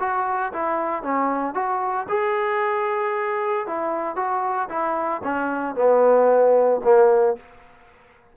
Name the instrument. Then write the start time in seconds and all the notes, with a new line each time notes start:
trombone
0.00 F#4
0.53 E4
1.03 C#4
1.55 F#4
2.09 G#4
3.67 E4
4.16 F#4
4.69 E4
5.24 C#4
5.76 B3
6.84 A#3